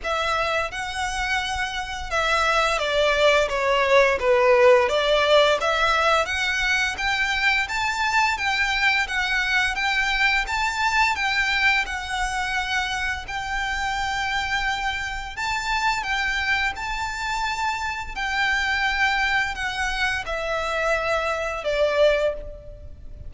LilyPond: \new Staff \with { instrumentName = "violin" } { \time 4/4 \tempo 4 = 86 e''4 fis''2 e''4 | d''4 cis''4 b'4 d''4 | e''4 fis''4 g''4 a''4 | g''4 fis''4 g''4 a''4 |
g''4 fis''2 g''4~ | g''2 a''4 g''4 | a''2 g''2 | fis''4 e''2 d''4 | }